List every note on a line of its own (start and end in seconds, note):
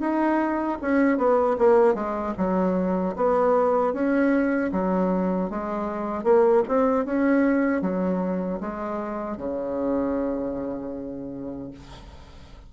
0.00 0.78 D#4
0.81 1.17 C#4
1.17 1.56 B3
1.58 1.94 A#3
1.94 2.33 G#3
2.37 3.15 F#3
3.16 3.93 B3
3.93 4.71 C#4
4.72 5.50 F#3
5.50 6.23 G#3
6.23 6.62 A#3
6.68 7.05 C4
7.05 7.81 C#4
7.81 8.59 F#3
8.60 9.37 G#3
9.37 11.71 C#3